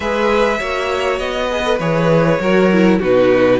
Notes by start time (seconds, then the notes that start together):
0.00 G#3 G#4 B4 E5
0.58 A#3 F#4 C#5
1.18 B3 D#5
1.50 G#4 B4
1.64 A4
1.79 E3 G#4 C#5
2.40 F#3 F#4 A#4
2.71 E4
2.98 B2 D#4 F#4 B4